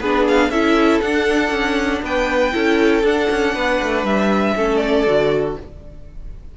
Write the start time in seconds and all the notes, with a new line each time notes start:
0.00 B3 D4 G#4 B4
0.28 F5
0.49 C#4 E4 A4 E5
1.01 D4 F#5
1.50 C#4
2.02 B3 B4 G5
2.52 C#4 E4 A4
3.03 D4 F#5
3.30 C#4
3.54 B3 B4
3.82 A3
4.03 G3 E5
4.56 A3 C#4 A4
4.76 D5
5.06 D3 F#4